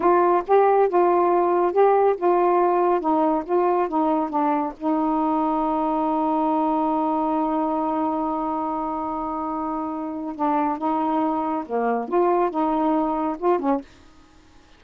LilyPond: \new Staff \with { instrumentName = "saxophone" } { \time 4/4 \tempo 4 = 139 f'4 g'4 f'2 | g'4 f'2 dis'4 | f'4 dis'4 d'4 dis'4~ | dis'1~ |
dis'1~ | dis'1 | d'4 dis'2 ais4 | f'4 dis'2 f'8 cis'8 | }